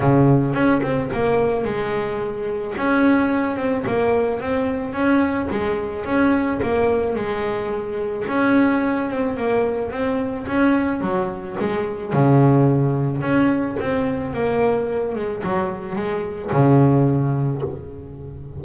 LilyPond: \new Staff \with { instrumentName = "double bass" } { \time 4/4 \tempo 4 = 109 cis4 cis'8 c'8 ais4 gis4~ | gis4 cis'4. c'8 ais4 | c'4 cis'4 gis4 cis'4 | ais4 gis2 cis'4~ |
cis'8 c'8 ais4 c'4 cis'4 | fis4 gis4 cis2 | cis'4 c'4 ais4. gis8 | fis4 gis4 cis2 | }